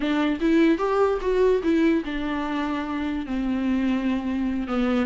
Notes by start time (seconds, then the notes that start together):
0.00 D4
0.40 E4
0.78 G4
1.21 F#4
1.63 E4
2.04 D4
3.26 C4
4.67 B3